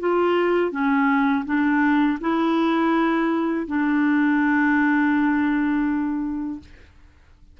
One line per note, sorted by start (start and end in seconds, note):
0.00 0.72 F4
0.72 1.45 C#4
1.45 2.19 D4
2.21 3.67 E4
3.67 6.60 D4